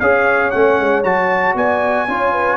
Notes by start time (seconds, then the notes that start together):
0.00 C#4 G#4 C#5 F5
0.51 A3 C#4 F#5
0.80 G#3
1.04 F#3 F#4 A5
1.55 B3 D5 G#5
2.08 C#4 F4 C#5
2.32 B4